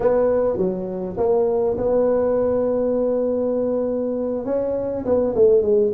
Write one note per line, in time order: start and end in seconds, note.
0.00 0.57 B3
0.57 1.16 F#3
1.17 1.76 A#3
1.77 4.45 B3
4.45 5.04 C#4
5.05 5.35 B3
5.35 5.62 A3
5.62 5.91 G#3